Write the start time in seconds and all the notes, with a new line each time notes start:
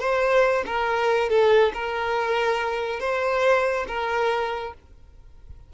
0.00 C5
0.67 A#4
1.30 A4
1.74 A#4
3.00 C5
3.88 A#4